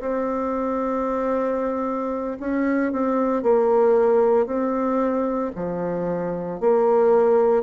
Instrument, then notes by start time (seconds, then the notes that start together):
bassoon
0.00 C4
2.39 C#4
2.92 C4
3.43 A#3
4.46 C4
5.55 F3
6.60 A#3